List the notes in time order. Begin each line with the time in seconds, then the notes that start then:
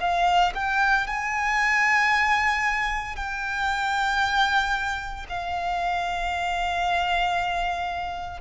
0.00 F5
0.55 G5
1.07 G#5
3.16 G5
5.29 F5